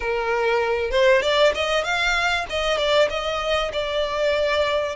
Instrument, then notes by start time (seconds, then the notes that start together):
violin
0.00 A#4
0.91 C5
1.22 D5
1.54 D#5
1.84 F5
2.49 D#5
2.77 D5
3.09 D#5
3.73 D5